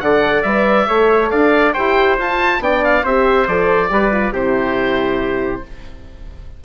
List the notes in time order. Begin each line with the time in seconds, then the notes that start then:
0.00 D3 A4 D5 F#5
0.43 G3 B4 E5
0.88 A3 A4 C#5
1.31 D4 D5 F5
1.73 E4 G4 C5 G5
2.19 F4 A5
2.60 B3 D4 D5 G5
2.85 F5
3.04 C4 G4 C5 E5
3.48 F3 A4 D5
3.90 G3 G4 B4
4.12 F4
4.33 C3 E4 G4 C5